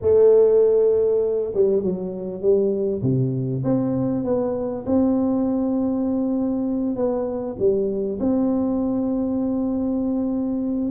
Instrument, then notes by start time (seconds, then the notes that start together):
tuba
0.01 A3
1.54 G3
1.82 F#3
2.41 G3
3.02 C3
3.64 C4
4.24 B3
4.85 C4
6.96 B3
7.58 G3
8.20 C4